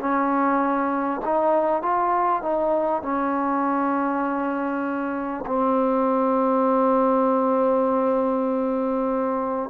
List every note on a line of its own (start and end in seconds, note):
0.00 1.21 C#4
1.25 1.83 D#4
1.83 2.43 F4
2.43 3.02 D#4
3.02 5.45 C#4
5.46 9.70 C4